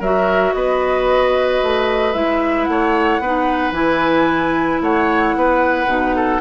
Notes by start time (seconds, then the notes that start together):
0.00 F#3 F#4 A#4 E5
0.54 B3 B4 D#5
1.63 A3
2.14 G#3 E4 E5
2.65 A3 F#5
2.71 C#5
3.20 B3 D#4 B4
3.72 E3 E4 G#5
4.82 A3 C#5 F#5
5.36 B3 B4
5.87 B2 D#4
6.16 A4